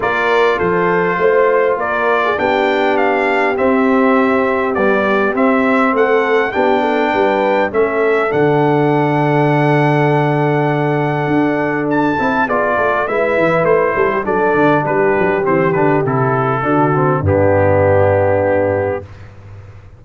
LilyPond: <<
  \new Staff \with { instrumentName = "trumpet" } { \time 4/4 \tempo 4 = 101 d''4 c''2 d''4 | g''4 f''4 e''2 | d''4 e''4 fis''4 g''4~ | g''4 e''4 fis''2~ |
fis''1 | a''4 d''4 e''4 c''4 | d''4 b'4 c''8 b'8 a'4~ | a'4 g'2. | }
  \new Staff \with { instrumentName = "horn" } { \time 4/4 ais'4 a'4 c''4 ais'8. gis'16 | g'1~ | g'2 a'4 g'8 a'8 | b'4 a'2.~ |
a'1~ | a'4 gis'8 a'8 b'4. a'16 g'16 | a'4 g'2. | fis'4 d'2. | }
  \new Staff \with { instrumentName = "trombone" } { \time 4/4 f'1 | d'2 c'2 | g4 c'2 d'4~ | d'4 cis'4 d'2~ |
d'1~ | d'8 e'8 f'4 e'2 | d'2 c'8 d'8 e'4 | d'8 c'8 b2. | }
  \new Staff \with { instrumentName = "tuba" } { \time 4/4 ais4 f4 a4 ais4 | b2 c'2 | b4 c'4 a4 b4 | g4 a4 d2~ |
d2. d'4~ | d'8 c'8 b8 a8 gis8 e8 a8 g8 | fis8 d8 g8 fis8 e8 d8 c4 | d4 g,2. | }
>>